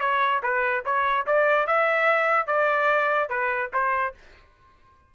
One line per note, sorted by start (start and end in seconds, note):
0.00 0.41 C#5
0.43 0.84 B4
0.85 1.26 C#5
1.26 1.67 D5
1.67 2.47 E5
2.47 3.29 D5
3.29 3.70 B4
3.73 4.15 C5